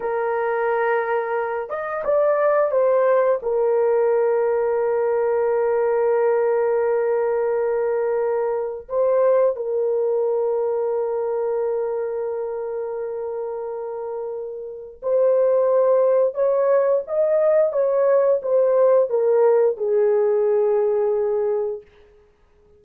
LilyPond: \new Staff \with { instrumentName = "horn" } { \time 4/4 \tempo 4 = 88 ais'2~ ais'8 dis''8 d''4 | c''4 ais'2.~ | ais'1~ | ais'4 c''4 ais'2~ |
ais'1~ | ais'2 c''2 | cis''4 dis''4 cis''4 c''4 | ais'4 gis'2. | }